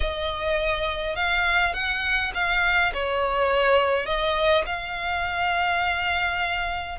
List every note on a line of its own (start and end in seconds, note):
0.00 1.15 D#5
1.15 1.73 F5
1.73 2.31 F#5
2.34 2.92 F5
2.93 4.06 C#5
4.06 4.64 D#5
4.65 6.98 F5